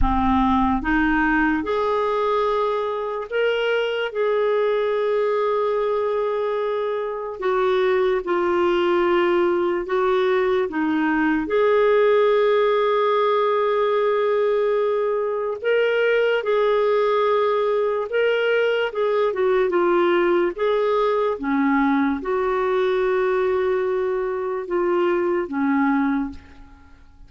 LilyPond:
\new Staff \with { instrumentName = "clarinet" } { \time 4/4 \tempo 4 = 73 c'4 dis'4 gis'2 | ais'4 gis'2.~ | gis'4 fis'4 f'2 | fis'4 dis'4 gis'2~ |
gis'2. ais'4 | gis'2 ais'4 gis'8 fis'8 | f'4 gis'4 cis'4 fis'4~ | fis'2 f'4 cis'4 | }